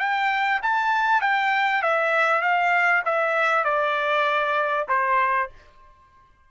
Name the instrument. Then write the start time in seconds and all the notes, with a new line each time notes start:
trumpet
0.00 G5
0.63 A5
1.22 G5
1.83 E5
2.42 F5
3.06 E5
3.65 D5
4.89 C5